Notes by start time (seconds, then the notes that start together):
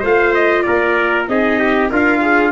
0.00 A3 F4 C5 F5
0.34 D#5
0.62 A#3 A#4 D5
1.28 C4 D#4 G#4 D#5
1.59 G4
1.89 D4 F4 A#4 F5
2.21 G#4